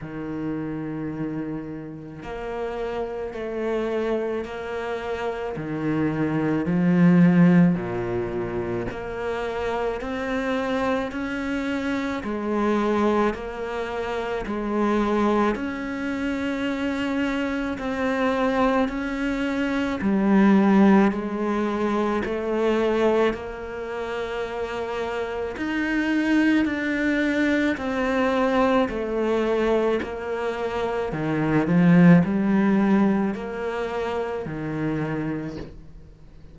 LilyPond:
\new Staff \with { instrumentName = "cello" } { \time 4/4 \tempo 4 = 54 dis2 ais4 a4 | ais4 dis4 f4 ais,4 | ais4 c'4 cis'4 gis4 | ais4 gis4 cis'2 |
c'4 cis'4 g4 gis4 | a4 ais2 dis'4 | d'4 c'4 a4 ais4 | dis8 f8 g4 ais4 dis4 | }